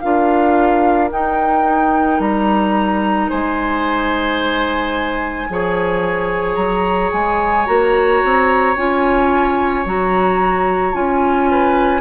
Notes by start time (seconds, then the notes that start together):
0.00 D4 F4 A#4 F5
1.11 D#4 G5
2.20 G3 A#5
3.30 G#3 C5 G#5
5.50 F3 G#4 C#5
6.55 F#3 A#5
7.12 G#3 G#5
7.66 A#3 F#4 A#5
8.25 C4
8.77 C#4 F4 G#5
9.86 F#3 F#4 A#5
10.93 C#4 F4 G#5
11.51 B4